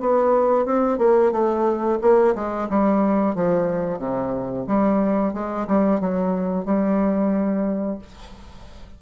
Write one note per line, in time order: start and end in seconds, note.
0.00 0.65 B3
0.65 0.98 C4
0.98 1.32 A#3
1.32 1.98 A3
2.01 2.35 A#3
2.35 2.68 G#3
2.69 3.35 G3
3.35 3.99 F3
3.99 4.65 C3
4.67 5.33 G3
5.33 5.67 G#3
5.67 6.00 G3
6.00 6.65 F#3
6.65 7.98 G3